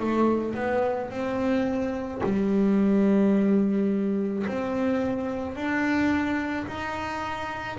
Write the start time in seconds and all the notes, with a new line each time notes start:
0.00 A3
0.55 B3
1.11 C4
2.24 G3
4.47 C4
5.56 D4
6.67 D#4